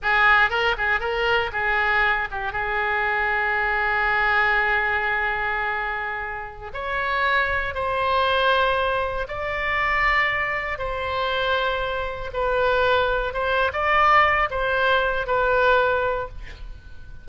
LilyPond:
\new Staff \with { instrumentName = "oboe" } { \time 4/4 \tempo 4 = 118 gis'4 ais'8 gis'8 ais'4 gis'4~ | gis'8 g'8 gis'2.~ | gis'1~ | gis'4~ gis'16 cis''2 c''8.~ |
c''2~ c''16 d''4.~ d''16~ | d''4~ d''16 c''2~ c''8.~ | c''16 b'2 c''8. d''4~ | d''8 c''4. b'2 | }